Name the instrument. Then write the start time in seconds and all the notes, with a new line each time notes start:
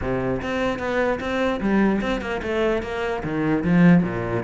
cello
0.01 C3
0.41 C4
0.78 B3
1.20 C4
1.60 G3
2.01 C4
2.21 A#3
2.42 A3
2.82 A#3
3.23 D#3
3.64 F3
4.03 A#2